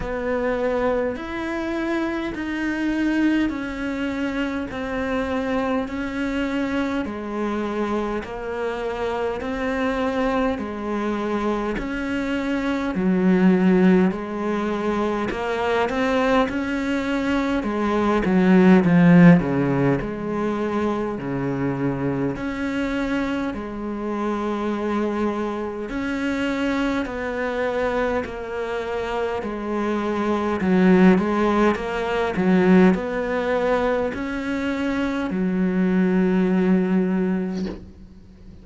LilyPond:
\new Staff \with { instrumentName = "cello" } { \time 4/4 \tempo 4 = 51 b4 e'4 dis'4 cis'4 | c'4 cis'4 gis4 ais4 | c'4 gis4 cis'4 fis4 | gis4 ais8 c'8 cis'4 gis8 fis8 |
f8 cis8 gis4 cis4 cis'4 | gis2 cis'4 b4 | ais4 gis4 fis8 gis8 ais8 fis8 | b4 cis'4 fis2 | }